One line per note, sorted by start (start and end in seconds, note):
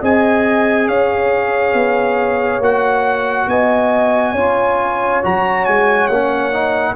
0.00 0.89 C4
0.00 2.62 G#4
0.00 0.87 D#5
0.00 0.88 G#5
0.87 1.73 C#4
0.87 3.48 C#5
0.87 2.62 F5
1.73 2.59 B3
2.59 3.46 A#3
2.59 4.36 F#4
2.59 3.49 F#5
3.47 4.34 B3
3.47 4.32 D#5
3.47 5.23 G#5
4.32 5.21 C#4
4.32 5.23 F4
4.32 6.93 C#5
5.23 5.67 F#3
5.23 6.10 F#4
5.23 5.65 A#5
5.65 6.09 G#3
5.65 6.07 G#5
6.07 6.96 A#3
6.07 6.52 C#4
6.07 6.94 F#5
6.52 6.95 D#4